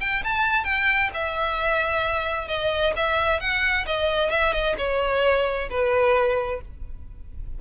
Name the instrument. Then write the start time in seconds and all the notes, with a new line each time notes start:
violin
0.00 G5
0.24 A5
0.64 G5
1.13 E5
2.48 D#5
2.96 E5
3.40 F#5
3.86 D#5
4.30 E5
4.52 D#5
4.78 C#5
5.70 B4